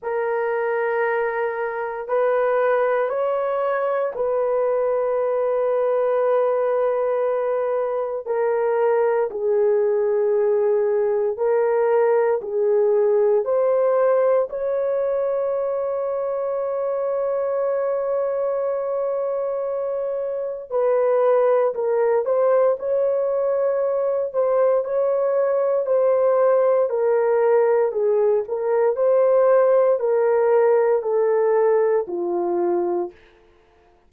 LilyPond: \new Staff \with { instrumentName = "horn" } { \time 4/4 \tempo 4 = 58 ais'2 b'4 cis''4 | b'1 | ais'4 gis'2 ais'4 | gis'4 c''4 cis''2~ |
cis''1 | b'4 ais'8 c''8 cis''4. c''8 | cis''4 c''4 ais'4 gis'8 ais'8 | c''4 ais'4 a'4 f'4 | }